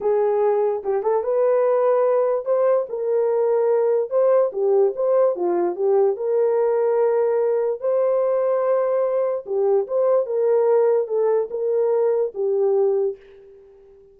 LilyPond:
\new Staff \with { instrumentName = "horn" } { \time 4/4 \tempo 4 = 146 gis'2 g'8 a'8 b'4~ | b'2 c''4 ais'4~ | ais'2 c''4 g'4 | c''4 f'4 g'4 ais'4~ |
ais'2. c''4~ | c''2. g'4 | c''4 ais'2 a'4 | ais'2 g'2 | }